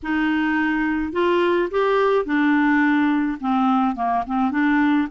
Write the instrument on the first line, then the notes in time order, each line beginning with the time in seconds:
clarinet
0.02 D#4
1.12 F4
1.70 G4
2.25 D4
3.40 C4
3.95 A#3
4.26 C4
4.51 D4